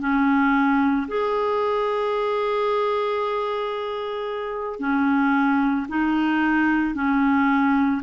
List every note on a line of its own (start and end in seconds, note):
0.00 1.07 C#4
1.08 4.80 G#4
4.80 5.87 C#4
5.89 6.95 D#4
6.95 8.02 C#4